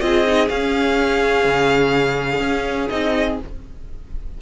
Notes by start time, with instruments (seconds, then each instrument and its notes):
0.00 cello C4, viola F4, violin G#4 D#5
0.27 viola D#4
0.48 viola C#4, cello C#4, violin F5
1.45 cello C#3
2.40 cello C#4
2.90 cello C4, viola D#4, violin D#5